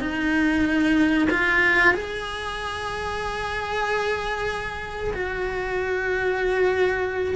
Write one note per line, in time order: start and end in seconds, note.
0.00 1.28 D#4
1.30 1.94 F4
1.94 5.13 G#4
5.14 7.35 F#4